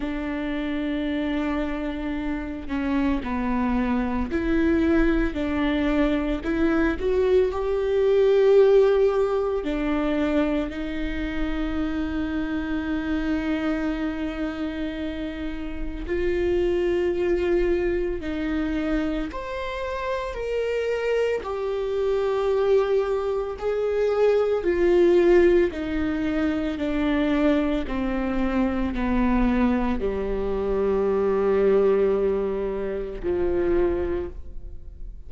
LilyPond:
\new Staff \with { instrumentName = "viola" } { \time 4/4 \tempo 4 = 56 d'2~ d'8 cis'8 b4 | e'4 d'4 e'8 fis'8 g'4~ | g'4 d'4 dis'2~ | dis'2. f'4~ |
f'4 dis'4 c''4 ais'4 | g'2 gis'4 f'4 | dis'4 d'4 c'4 b4 | g2. f4 | }